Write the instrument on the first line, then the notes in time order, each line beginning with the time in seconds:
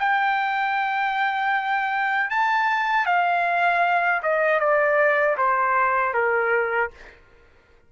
trumpet
0.00 G5
2.30 A5
3.06 F5
4.23 D#5
4.60 D5
5.37 C5
6.14 A#4